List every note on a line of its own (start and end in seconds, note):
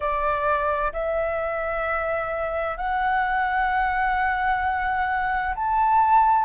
0.00 0.92 D5
0.92 2.77 E5
2.77 5.54 F#5
5.55 6.44 A5